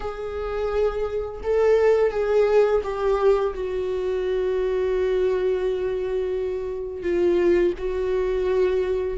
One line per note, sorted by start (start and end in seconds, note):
0.00 1.41 G#4
1.43 2.10 A4
2.10 2.81 G#4
2.83 3.54 G4
3.54 7.02 F#4
7.02 7.73 F4
7.78 9.17 F#4